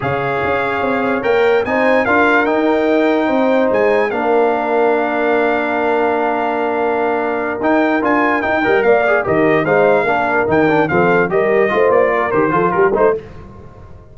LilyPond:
<<
  \new Staff \with { instrumentName = "trumpet" } { \time 4/4 \tempo 4 = 146 f''2. g''4 | gis''4 f''4 g''2~ | g''4 gis''4 f''2~ | f''1~ |
f''2~ f''8 g''4 gis''8~ | gis''8 g''4 f''4 dis''4 f''8~ | f''4. g''4 f''4 dis''8~ | dis''4 d''4 c''4 ais'8 c''8 | }
  \new Staff \with { instrumentName = "horn" } { \time 4/4 cis''1 | c''4 ais'2. | c''2 ais'2~ | ais'1~ |
ais'1~ | ais'4 dis''8 d''4 ais'4 c''8~ | c''8 ais'2 a'4 ais'8~ | ais'8 c''4 ais'4 a'8 g'8 c''8 | }
  \new Staff \with { instrumentName = "trombone" } { \time 4/4 gis'2. ais'4 | dis'4 f'4 dis'2~ | dis'2 d'2~ | d'1~ |
d'2~ d'8 dis'4 f'8~ | f'8 dis'8 ais'4 gis'8 g'4 dis'8~ | dis'8 d'4 dis'8 d'8 c'4 g'8~ | g'8 f'4. g'8 f'4 dis'8 | }
  \new Staff \with { instrumentName = "tuba" } { \time 4/4 cis4 cis'4 c'4 ais4 | c'4 d'4 dis'2 | c'4 gis4 ais2~ | ais1~ |
ais2~ ais8 dis'4 d'8~ | d'8 dis'8 g8 ais4 dis4 gis8~ | gis8 ais4 dis4 f4 g8~ | g8 a8 ais4 dis8 f8 g8 a8 | }
>>